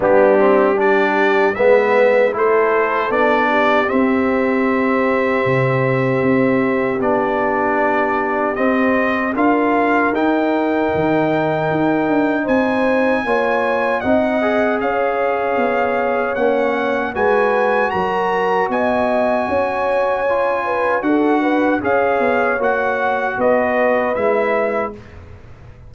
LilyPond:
<<
  \new Staff \with { instrumentName = "trumpet" } { \time 4/4 \tempo 4 = 77 g'4 d''4 e''4 c''4 | d''4 e''2.~ | e''4 d''2 dis''4 | f''4 g''2. |
gis''2 fis''4 f''4~ | f''4 fis''4 gis''4 ais''4 | gis''2. fis''4 | f''4 fis''4 dis''4 e''4 | }
  \new Staff \with { instrumentName = "horn" } { \time 4/4 d'4 g'4 b'4 a'4~ | a'8 g'2.~ g'8~ | g'1 | ais'1 |
c''4 cis''4 dis''4 cis''4~ | cis''2 b'4 ais'4 | dis''4 cis''4. b'8 a'8 b'8 | cis''2 b'2 | }
  \new Staff \with { instrumentName = "trombone" } { \time 4/4 b8 c'8 d'4 b4 e'4 | d'4 c'2.~ | c'4 d'2 c'4 | f'4 dis'2.~ |
dis'4 f'4 dis'8 gis'4.~ | gis'4 cis'4 fis'2~ | fis'2 f'4 fis'4 | gis'4 fis'2 e'4 | }
  \new Staff \with { instrumentName = "tuba" } { \time 4/4 g2 gis4 a4 | b4 c'2 c4 | c'4 b2 c'4 | d'4 dis'4 dis4 dis'8 d'8 |
c'4 ais4 c'4 cis'4 | b4 ais4 gis4 fis4 | b4 cis'2 d'4 | cis'8 b8 ais4 b4 gis4 | }
>>